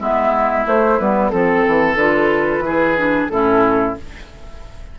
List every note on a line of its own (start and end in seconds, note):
0.00 0.66 G#3
0.00 0.66 B3
0.00 1.32 E4
0.00 0.67 E5
0.66 0.99 A3
0.66 1.00 A3
0.66 0.99 C5
0.99 1.33 G3
0.99 1.31 B3
0.99 1.30 B4
1.30 1.66 F3
1.30 1.97 C4
1.30 1.96 A4
1.30 2.64 A4
1.68 1.95 E3
1.95 2.59 D3
1.95 2.65 F4
1.95 3.29 B4
2.59 3.25 E3
2.59 2.97 E4
2.66 3.32 G#4
2.97 3.30 D4
3.29 3.97 A2
3.29 3.97 C#4
3.29 3.99 E4
3.29 3.95 A4